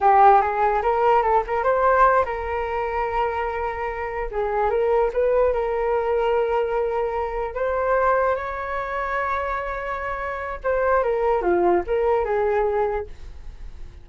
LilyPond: \new Staff \with { instrumentName = "flute" } { \time 4/4 \tempo 4 = 147 g'4 gis'4 ais'4 a'8 ais'8 | c''4. ais'2~ ais'8~ | ais'2~ ais'8 gis'4 ais'8~ | ais'8 b'4 ais'2~ ais'8~ |
ais'2~ ais'8 c''4.~ | c''8 cis''2.~ cis''8~ | cis''2 c''4 ais'4 | f'4 ais'4 gis'2 | }